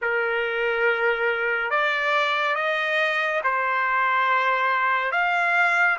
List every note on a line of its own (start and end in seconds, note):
0.01 1.70 A#4
1.70 2.55 D5
2.55 3.41 D#5
3.43 5.11 C5
5.11 5.97 F5